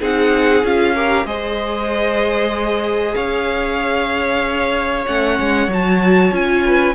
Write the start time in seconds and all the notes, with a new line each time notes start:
0.00 C4 D#4 G#4 F#5
0.63 C#4 F4 F5
0.95 G4 A#4
1.25 G#3 G#4 C5 D#5
3.15 C#4 C#5 F5
5.06 A3 C#4 F#5
5.40 G#3
5.68 F#3 F#4 A5
6.32 C#4 F4 G#5
6.65 B4